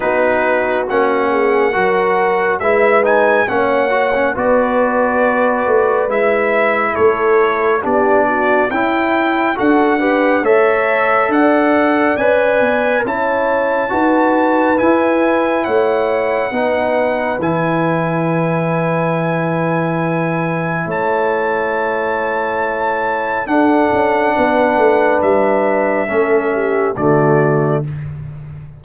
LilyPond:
<<
  \new Staff \with { instrumentName = "trumpet" } { \time 4/4 \tempo 4 = 69 b'4 fis''2 e''8 gis''8 | fis''4 d''2 e''4 | cis''4 d''4 g''4 fis''4 | e''4 fis''4 gis''4 a''4~ |
a''4 gis''4 fis''2 | gis''1 | a''2. fis''4~ | fis''4 e''2 d''4 | }
  \new Staff \with { instrumentName = "horn" } { \time 4/4 fis'4. gis'8 ais'4 b'4 | cis''4 b'2. | a'4 g'8 fis'8 e'4 a'8 b'8 | cis''4 d''2 cis''4 |
b'2 cis''4 b'4~ | b'1 | cis''2. a'4 | b'2 a'8 g'8 fis'4 | }
  \new Staff \with { instrumentName = "trombone" } { \time 4/4 dis'4 cis'4 fis'4 e'8 dis'8 | cis'8 fis'16 cis'16 fis'2 e'4~ | e'4 d'4 e'4 fis'8 g'8 | a'2 b'4 e'4 |
fis'4 e'2 dis'4 | e'1~ | e'2. d'4~ | d'2 cis'4 a4 | }
  \new Staff \with { instrumentName = "tuba" } { \time 4/4 b4 ais4 fis4 gis4 | ais4 b4. a8 gis4 | a4 b4 cis'4 d'4 | a4 d'4 cis'8 b8 cis'4 |
dis'4 e'4 a4 b4 | e1 | a2. d'8 cis'8 | b8 a8 g4 a4 d4 | }
>>